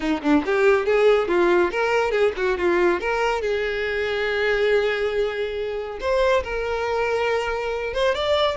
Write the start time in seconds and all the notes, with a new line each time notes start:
0.00 D#4
0.22 D4
0.45 G4
0.85 G#4
1.28 F4
1.71 A#4
2.11 G#4
2.36 F#4
2.58 F4
3.00 A#4
3.41 G#4
6.00 C5
6.43 A#4
7.93 C5
8.14 D5